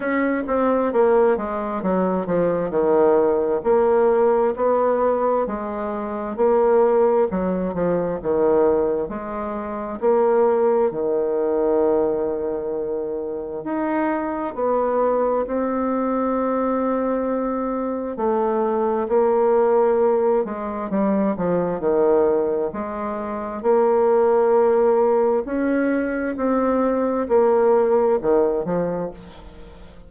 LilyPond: \new Staff \with { instrumentName = "bassoon" } { \time 4/4 \tempo 4 = 66 cis'8 c'8 ais8 gis8 fis8 f8 dis4 | ais4 b4 gis4 ais4 | fis8 f8 dis4 gis4 ais4 | dis2. dis'4 |
b4 c'2. | a4 ais4. gis8 g8 f8 | dis4 gis4 ais2 | cis'4 c'4 ais4 dis8 f8 | }